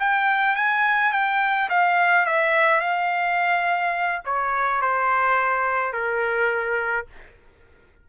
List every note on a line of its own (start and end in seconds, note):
0.00 0.56 G5
0.56 1.12 G#5
1.12 1.69 G5
1.70 2.26 F5
2.26 2.80 E5
2.80 4.22 F5
4.25 4.82 C#5
4.82 5.93 C5
5.93 7.07 A#4